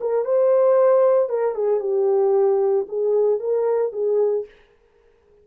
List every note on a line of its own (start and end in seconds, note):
0.00 0.25 A#4
0.25 1.29 C5
1.29 1.54 A#4
1.54 1.80 G#4
1.80 2.86 G4
2.88 3.39 G#4
3.39 3.92 A#4
3.92 4.45 G#4